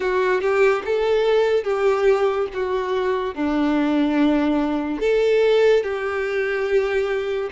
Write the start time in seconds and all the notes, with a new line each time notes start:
0.00 F#4
0.41 G4
0.85 A4
1.63 G4
2.53 F#4
3.34 D4
5.00 A4
5.83 G4